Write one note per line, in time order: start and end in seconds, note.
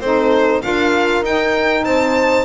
0.00 0.62 C4
0.00 0.62 D#4
0.00 0.63 A4
0.00 0.61 C5
0.62 1.22 D4
0.62 1.23 F4
0.62 1.85 A#4
0.62 1.23 F5
1.22 1.83 D#4
1.22 2.45 D#4
1.22 1.84 G5
1.84 2.45 C4
1.84 2.45 C5
1.84 2.45 A5